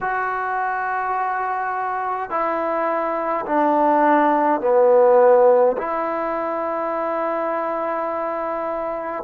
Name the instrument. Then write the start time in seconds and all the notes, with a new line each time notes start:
trombone
0.00 F#4
2.30 E4
3.46 D4
4.60 B3
5.77 E4